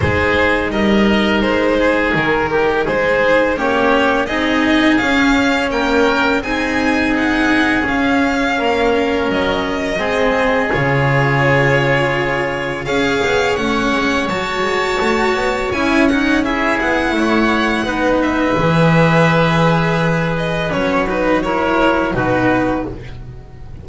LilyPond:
<<
  \new Staff \with { instrumentName = "violin" } { \time 4/4 \tempo 4 = 84 c''4 dis''4 c''4 ais'4 | c''4 cis''4 dis''4 f''4 | g''4 gis''4 fis''4 f''4~ | f''4 dis''2 cis''4~ |
cis''2 f''4 fis''4 | a''2 gis''8 fis''8 e''8 fis''8~ | fis''4. e''2~ e''8~ | e''8 dis''8 cis''8 b'8 cis''4 b'4 | }
  \new Staff \with { instrumentName = "oboe" } { \time 4/4 gis'4 ais'4. gis'4 g'8 | gis'4 g'4 gis'2 | ais'4 gis'2. | ais'2 gis'2~ |
gis'2 cis''2~ | cis''2. gis'4 | cis''4 b'2.~ | b'2 ais'4 fis'4 | }
  \new Staff \with { instrumentName = "cello" } { \time 4/4 dis'1~ | dis'4 cis'4 dis'4 cis'4~ | cis'4 dis'2 cis'4~ | cis'2 c'4 f'4~ |
f'2 gis'4 cis'4 | fis'2 e'8 dis'8 e'4~ | e'4 dis'4 gis'2~ | gis'4 cis'8 dis'8 e'4 dis'4 | }
  \new Staff \with { instrumentName = "double bass" } { \time 4/4 gis4 g4 gis4 dis4 | gis4 ais4 c'4 cis'4 | ais4 c'2 cis'4 | ais4 fis4 gis4 cis4~ |
cis2 cis'8 b8 a8 gis8 | fis8 gis8 a8 b8 cis'4. b8 | a4 b4 e2~ | e4 fis2 b,4 | }
>>